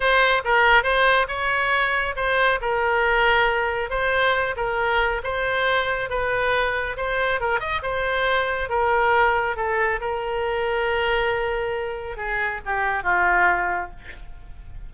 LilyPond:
\new Staff \with { instrumentName = "oboe" } { \time 4/4 \tempo 4 = 138 c''4 ais'4 c''4 cis''4~ | cis''4 c''4 ais'2~ | ais'4 c''4. ais'4. | c''2 b'2 |
c''4 ais'8 dis''8 c''2 | ais'2 a'4 ais'4~ | ais'1 | gis'4 g'4 f'2 | }